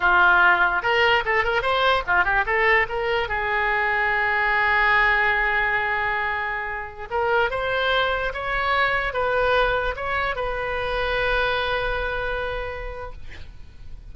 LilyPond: \new Staff \with { instrumentName = "oboe" } { \time 4/4 \tempo 4 = 146 f'2 ais'4 a'8 ais'8 | c''4 f'8 g'8 a'4 ais'4 | gis'1~ | gis'1~ |
gis'4~ gis'16 ais'4 c''4.~ c''16~ | c''16 cis''2 b'4.~ b'16~ | b'16 cis''4 b'2~ b'8.~ | b'1 | }